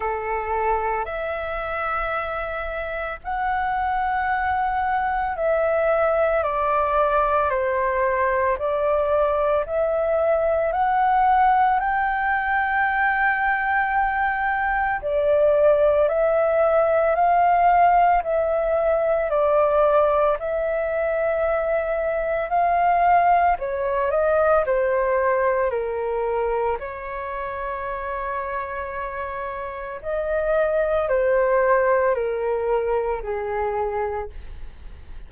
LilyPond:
\new Staff \with { instrumentName = "flute" } { \time 4/4 \tempo 4 = 56 a'4 e''2 fis''4~ | fis''4 e''4 d''4 c''4 | d''4 e''4 fis''4 g''4~ | g''2 d''4 e''4 |
f''4 e''4 d''4 e''4~ | e''4 f''4 cis''8 dis''8 c''4 | ais'4 cis''2. | dis''4 c''4 ais'4 gis'4 | }